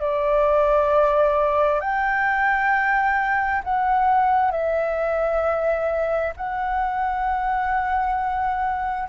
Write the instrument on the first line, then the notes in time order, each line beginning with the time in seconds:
flute
0.00 D5
1.81 G5
3.64 F#5
4.52 E5
6.36 F#5